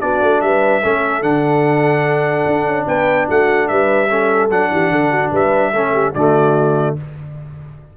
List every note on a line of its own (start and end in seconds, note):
0.00 0.21 B3
0.00 0.82 D4
0.00 0.43 F#4
0.00 0.41 D5
0.21 0.41 A3
0.41 0.82 G3
0.41 0.83 B4
0.41 1.22 E5
0.83 1.22 A3
0.83 1.22 C#4
0.83 2.87 A4
1.22 2.45 D3
1.22 4.08 D4
1.22 2.86 F#5
2.47 2.66 D4
2.66 2.86 C#4
2.87 3.27 B3
2.87 3.28 B4
2.87 3.28 G5
3.28 3.70 A3
3.28 3.68 F#4
3.28 3.67 F#5
3.67 4.50 G3
3.67 4.09 B4
3.67 4.49 E5
4.09 4.49 C#4
4.09 4.70 A4
4.50 4.70 F#3
4.50 5.73 D4
4.50 5.32 F#5
4.70 4.90 E3
4.70 4.91 G4
4.90 5.31 D3
4.90 5.10 A4
5.10 5.31 F#4
5.31 5.72 G3
5.31 5.72 B4
5.31 6.14 E5
5.72 6.13 A3
5.72 6.14 C#4
5.72 5.93 A4
5.93 6.13 G4
6.14 6.96 D3
6.14 6.97 A3
6.14 6.96 F#4
6.14 6.96 D5